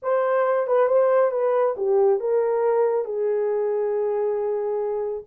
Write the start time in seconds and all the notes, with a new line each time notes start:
0.02 C5
0.67 B4
0.87 C5
1.31 B4
1.76 G4
2.20 A#4
3.04 G#4